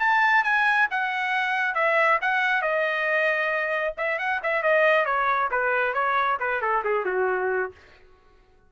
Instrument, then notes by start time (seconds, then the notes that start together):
trumpet
0.00 A5
0.44 G#5
0.91 F#5
1.75 E5
2.22 F#5
2.62 D#5
3.98 E5
4.19 F#5
4.44 E5
4.63 D#5
5.06 C#5
5.51 B4
5.94 C#5
6.40 B4
6.62 A4
6.85 G#4
7.05 F#4